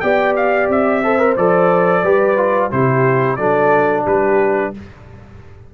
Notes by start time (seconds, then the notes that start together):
0.00 B3 G4 D5 G5
0.36 F5
0.69 C4 E5
1.04 A4 C5
1.19 A#4
1.37 F3 A4 D5
2.04 G3 G4 B4
2.37 F4
2.71 C3 E4 G4 C5
3.36 F#3 D4 A4 D5
4.04 G3 G4 B4